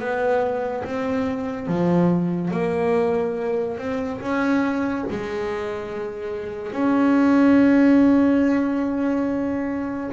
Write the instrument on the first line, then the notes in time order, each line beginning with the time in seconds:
double bass
0.00 B3
0.85 C4
1.68 F3
2.51 A#3
3.78 C4
4.21 C#4
5.11 G#3
6.73 C#4